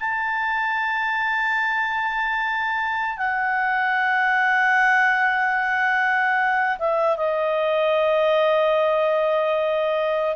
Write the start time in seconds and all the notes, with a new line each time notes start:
0.00 A5
3.17 F#5
6.79 E5
7.16 D#5